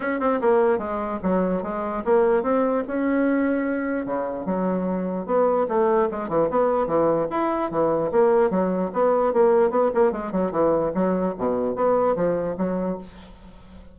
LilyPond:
\new Staff \with { instrumentName = "bassoon" } { \time 4/4 \tempo 4 = 148 cis'8 c'8 ais4 gis4 fis4 | gis4 ais4 c'4 cis'4~ | cis'2 cis4 fis4~ | fis4 b4 a4 gis8 e8 |
b4 e4 e'4 e4 | ais4 fis4 b4 ais4 | b8 ais8 gis8 fis8 e4 fis4 | b,4 b4 f4 fis4 | }